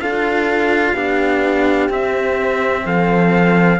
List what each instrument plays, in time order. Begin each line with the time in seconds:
0.00 cello D4 F4, horn A4, trumpet F5
0.92 cello B3 D4, horn G4
1.89 cello C4, trumpet E5
2.85 cello F3, horn A4, trumpet F5